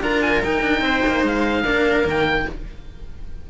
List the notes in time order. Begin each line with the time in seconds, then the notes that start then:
0.00 D4 F4 A#4 A#5
0.22 G#5
0.44 D#4 G5
0.62 D4
0.81 C4 C5
1.07 A#3
1.23 G#3 F5
1.63 A#3 D4 A#4
2.04 D#3 A#3 G5